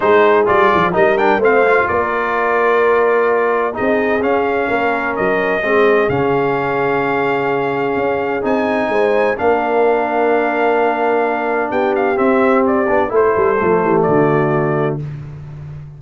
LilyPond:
<<
  \new Staff \with { instrumentName = "trumpet" } { \time 4/4 \tempo 4 = 128 c''4 d''4 dis''8 g''8 f''4 | d''1 | dis''4 f''2 dis''4~ | dis''4 f''2.~ |
f''2 gis''2 | f''1~ | f''4 g''8 f''8 e''4 d''4 | c''2 d''2 | }
  \new Staff \with { instrumentName = "horn" } { \time 4/4 gis'2 ais'4 c''4 | ais'1 | gis'2 ais'2 | gis'1~ |
gis'2. c''4 | ais'1~ | ais'4 g'2. | a'4. g'8 fis'2 | }
  \new Staff \with { instrumentName = "trombone" } { \time 4/4 dis'4 f'4 dis'8 d'8 c'8 f'8~ | f'1 | dis'4 cis'2. | c'4 cis'2.~ |
cis'2 dis'2 | d'1~ | d'2 c'4. d'8 | e'4 a2. | }
  \new Staff \with { instrumentName = "tuba" } { \time 4/4 gis4 g8 f8 g4 a4 | ais1 | c'4 cis'4 ais4 fis4 | gis4 cis2.~ |
cis4 cis'4 c'4 gis4 | ais1~ | ais4 b4 c'4. b8 | a8 g8 f8 e8 d2 | }
>>